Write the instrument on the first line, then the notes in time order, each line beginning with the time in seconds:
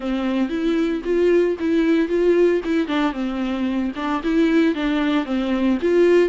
viola
0.00 C4
0.49 E4
1.04 F4
1.59 E4
2.08 F4
2.64 E4
2.87 D4
3.12 C4
3.95 D4
4.23 E4
4.75 D4
5.25 C4
5.81 F4